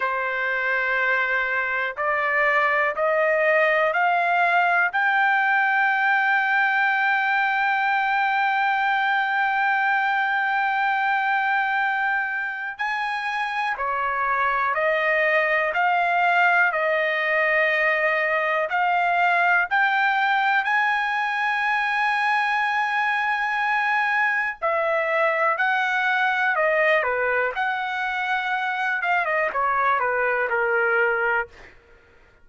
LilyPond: \new Staff \with { instrumentName = "trumpet" } { \time 4/4 \tempo 4 = 61 c''2 d''4 dis''4 | f''4 g''2.~ | g''1~ | g''4 gis''4 cis''4 dis''4 |
f''4 dis''2 f''4 | g''4 gis''2.~ | gis''4 e''4 fis''4 dis''8 b'8 | fis''4. f''16 dis''16 cis''8 b'8 ais'4 | }